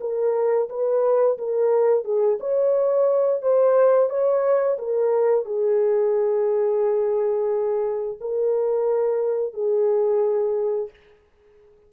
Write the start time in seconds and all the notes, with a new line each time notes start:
0.00 A#4
0.69 B4
1.38 A#4
2.04 G#4
2.40 C#5
3.42 C5
4.09 C#5
4.78 A#4
5.45 G#4
8.20 A#4
9.53 G#4